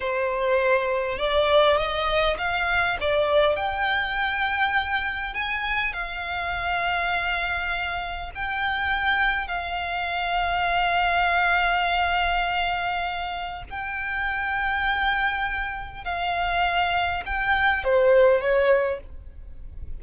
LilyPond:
\new Staff \with { instrumentName = "violin" } { \time 4/4 \tempo 4 = 101 c''2 d''4 dis''4 | f''4 d''4 g''2~ | g''4 gis''4 f''2~ | f''2 g''2 |
f''1~ | f''2. g''4~ | g''2. f''4~ | f''4 g''4 c''4 cis''4 | }